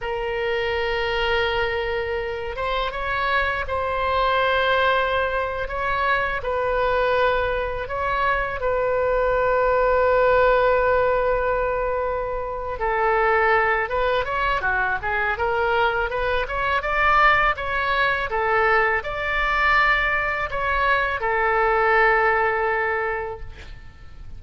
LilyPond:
\new Staff \with { instrumentName = "oboe" } { \time 4/4 \tempo 4 = 82 ais'2.~ ais'8 c''8 | cis''4 c''2~ c''8. cis''16~ | cis''8. b'2 cis''4 b'16~ | b'1~ |
b'4. a'4. b'8 cis''8 | fis'8 gis'8 ais'4 b'8 cis''8 d''4 | cis''4 a'4 d''2 | cis''4 a'2. | }